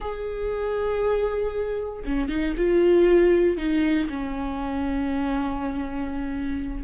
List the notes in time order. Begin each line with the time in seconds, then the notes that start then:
0.00 G#4
2.04 C#4
2.28 D#4
2.56 F4
3.57 D#4
4.09 C#4